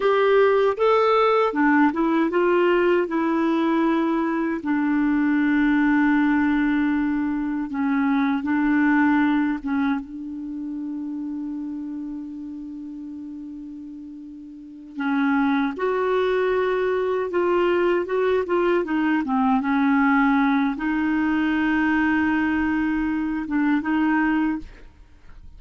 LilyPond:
\new Staff \with { instrumentName = "clarinet" } { \time 4/4 \tempo 4 = 78 g'4 a'4 d'8 e'8 f'4 | e'2 d'2~ | d'2 cis'4 d'4~ | d'8 cis'8 d'2.~ |
d'2.~ d'8 cis'8~ | cis'8 fis'2 f'4 fis'8 | f'8 dis'8 c'8 cis'4. dis'4~ | dis'2~ dis'8 d'8 dis'4 | }